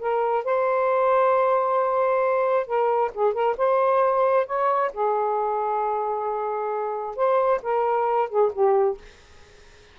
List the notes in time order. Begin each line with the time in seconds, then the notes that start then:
0.00 A#4
0.45 C5
2.67 A#4
3.15 G#4
3.34 A#4
3.58 C5
4.47 C#5
4.94 G#4
7.17 C5
7.63 A#4
8.30 G#4
8.53 G4